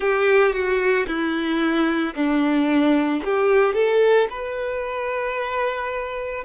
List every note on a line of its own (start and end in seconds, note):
0.00 0.53 G4
0.53 1.06 F#4
1.07 2.14 E4
2.15 3.22 D4
3.24 3.74 G4
3.74 4.27 A4
4.30 6.44 B4